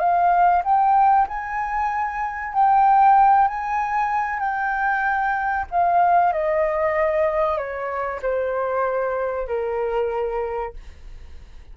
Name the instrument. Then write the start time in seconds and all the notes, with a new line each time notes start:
flute
0.00 F5
0.65 G5
1.28 G#5
2.54 G5
3.48 G#5
4.40 G5
5.72 F5
6.33 D#5
7.58 C#5
8.22 C5
9.48 A#4